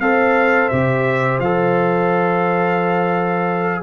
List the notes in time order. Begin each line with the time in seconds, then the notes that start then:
0.00 C4 A4 C5 F5
0.69 C3 G4 E5
1.39 F3 A4 F5